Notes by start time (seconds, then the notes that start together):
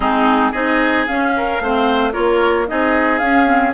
0.00 G#3 C4 D#4 G#4
0.51 C4 D#4 G#4 D#5
1.06 C#4 F5
1.36 A#4
1.60 A3 C4 C5
2.12 A#3 F4 A#4 C#5
2.67 C4 D#4 G#4 D#5
3.18 C#4 F5
3.45 C4